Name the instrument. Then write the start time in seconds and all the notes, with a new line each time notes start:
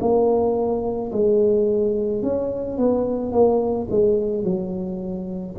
tuba
0.00 A#3
1.12 G#3
2.22 C#4
2.77 B3
3.32 A#3
3.90 G#3
4.44 F#3